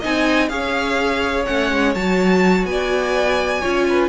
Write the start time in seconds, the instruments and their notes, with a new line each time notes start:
0.00 cello C4, viola D#4, violin D#5 G#5
0.49 cello C#4, viola G#4, violin C#5 F5
1.46 cello A3, viola C#4, violin F#5
1.72 cello G#3
1.95 cello F#3, viola F#4, violin A5
2.65 cello B3, violin D5 G#5
3.62 cello C#4, viola F4, violin C#5
3.90 violin B4